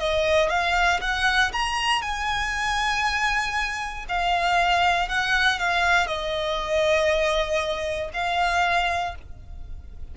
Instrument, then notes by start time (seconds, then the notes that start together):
violin
0.00 D#5
0.50 F5
1.02 F#5
1.53 A#5
2.02 G#5
4.09 F5
5.09 F#5
5.60 F5
6.07 D#5
8.14 F5